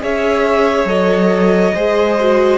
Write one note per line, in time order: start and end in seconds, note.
0.00 0.85 C#4
0.00 0.86 G#4
0.00 1.74 C#5
0.00 0.88 E5
0.85 1.72 F#3
0.85 1.73 A4
0.85 2.58 D#5
1.74 2.58 G#3
1.74 2.18 G#4
1.74 2.58 C5
2.20 2.58 F#4